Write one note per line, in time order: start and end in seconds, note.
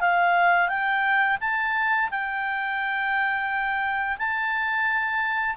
0.00 0.68 F5
0.68 1.37 G5
1.40 2.09 A5
2.10 4.17 G5
4.18 5.56 A5